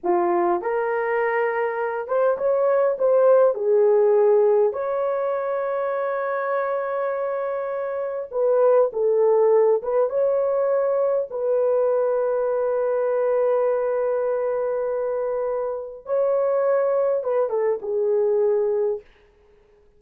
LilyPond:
\new Staff \with { instrumentName = "horn" } { \time 4/4 \tempo 4 = 101 f'4 ais'2~ ais'8 c''8 | cis''4 c''4 gis'2 | cis''1~ | cis''2 b'4 a'4~ |
a'8 b'8 cis''2 b'4~ | b'1~ | b'2. cis''4~ | cis''4 b'8 a'8 gis'2 | }